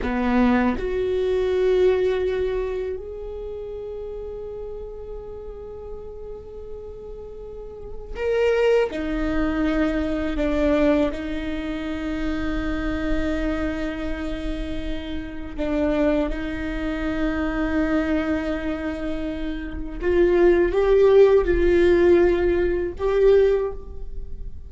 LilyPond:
\new Staff \with { instrumentName = "viola" } { \time 4/4 \tempo 4 = 81 b4 fis'2. | gis'1~ | gis'2. ais'4 | dis'2 d'4 dis'4~ |
dis'1~ | dis'4 d'4 dis'2~ | dis'2. f'4 | g'4 f'2 g'4 | }